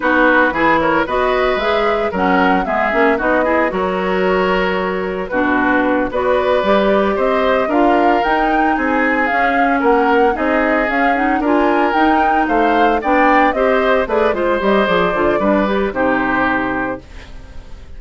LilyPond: <<
  \new Staff \with { instrumentName = "flute" } { \time 4/4 \tempo 4 = 113 b'4. cis''8 dis''4 e''4 | fis''4 e''4 dis''4 cis''4~ | cis''2 b'4. d''8~ | d''4. dis''4 f''4 g''8~ |
g''8 gis''4 f''4 fis''4 dis''8~ | dis''8 f''8 fis''8 gis''4 g''4 f''8~ | f''8 g''4 dis''4 d''8 c''8 dis''8 | d''2 c''2 | }
  \new Staff \with { instrumentName = "oboe" } { \time 4/4 fis'4 gis'8 ais'8 b'2 | ais'4 gis'4 fis'8 gis'8 ais'4~ | ais'2 fis'4. b'8~ | b'4. c''4 ais'4.~ |
ais'8 gis'2 ais'4 gis'8~ | gis'4. ais'2 c''8~ | c''8 d''4 c''4 b'8 c''4~ | c''4 b'4 g'2 | }
  \new Staff \with { instrumentName = "clarinet" } { \time 4/4 dis'4 e'4 fis'4 gis'4 | cis'4 b8 cis'8 dis'8 e'8 fis'4~ | fis'2 d'4. fis'8~ | fis'8 g'2 f'4 dis'8~ |
dis'4. cis'2 dis'8~ | dis'8 cis'8 dis'8 f'4 dis'4.~ | dis'8 d'4 g'4 gis'8 f'8 g'8 | gis'8 f'8 d'8 g'8 dis'2 | }
  \new Staff \with { instrumentName = "bassoon" } { \time 4/4 b4 e4 b4 gis4 | fis4 gis8 ais8 b4 fis4~ | fis2 b,4. b8~ | b8 g4 c'4 d'4 dis'8~ |
dis'8 c'4 cis'4 ais4 c'8~ | c'8 cis'4 d'4 dis'4 a8~ | a8 b4 c'4 a8 gis8 g8 | f8 d8 g4 c2 | }
>>